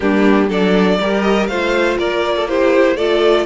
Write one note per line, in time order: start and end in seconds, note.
0.00 0.49 G3
0.00 0.49 A#3
0.00 0.48 D4
0.00 0.49 G4
0.48 0.98 F#3
0.48 0.99 D4
0.48 0.97 A4
0.48 1.22 D5
0.99 1.48 G3
0.99 1.50 G4
0.99 1.49 A#4
1.22 1.47 D#5
1.47 1.97 A3
1.47 2.48 F4
1.47 1.98 C5
1.47 1.96 F5
1.98 2.96 A#3
1.98 2.35 A#4
1.98 2.48 D5
2.36 2.48 A4
2.48 2.97 E4
2.48 2.96 G4
2.48 2.96 C5
2.96 3.45 A3
2.96 3.46 F4
2.96 3.46 A4
2.96 3.45 D5